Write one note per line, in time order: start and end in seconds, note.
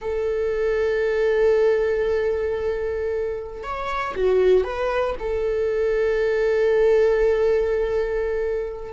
0.01 3.63 A4
3.63 4.14 C#5
4.15 4.64 F#4
4.64 5.15 B4
5.19 8.92 A4